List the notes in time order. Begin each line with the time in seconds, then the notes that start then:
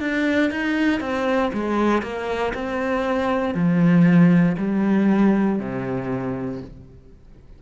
0.00 D4
0.51 D#4
1.01 C4
1.53 G#3
2.03 A#3
2.54 C4
3.55 F3
4.58 G3
5.60 C3